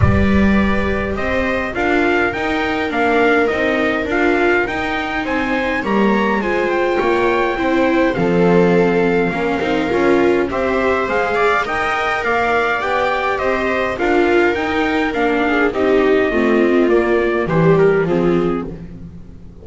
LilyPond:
<<
  \new Staff \with { instrumentName = "trumpet" } { \time 4/4 \tempo 4 = 103 d''2 dis''4 f''4 | g''4 f''4 dis''4 f''4 | g''4 gis''4 ais''4 gis''8 g''8~ | g''2 f''2~ |
f''2 e''4 f''4 | g''4 f''4 g''4 dis''4 | f''4 g''4 f''4 dis''4~ | dis''4 d''4 c''8 ais'8 gis'4 | }
  \new Staff \with { instrumentName = "viola" } { \time 4/4 b'2 c''4 ais'4~ | ais'1~ | ais'4 c''4 cis''4 c''4 | cis''4 c''4 a'2 |
ais'2 c''4. d''8 | dis''4 d''2 c''4 | ais'2~ ais'8 gis'8 g'4 | f'2 g'4 f'4 | }
  \new Staff \with { instrumentName = "viola" } { \time 4/4 g'2. f'4 | dis'4 d'4 dis'4 f'4 | dis'2 ais4 f'4~ | f'4 e'4 c'2 |
cis'8 dis'8 f'4 g'4 gis'4 | ais'2 g'2 | f'4 dis'4 d'4 dis'4 | c'4 ais4 g4 c'4 | }
  \new Staff \with { instrumentName = "double bass" } { \time 4/4 g2 c'4 d'4 | dis'4 ais4 c'4 d'4 | dis'4 c'4 g4 gis4 | ais4 c'4 f2 |
ais8 c'8 cis'4 c'4 gis4 | dis'4 ais4 b4 c'4 | d'4 dis'4 ais4 c'4 | a4 ais4 e4 f4 | }
>>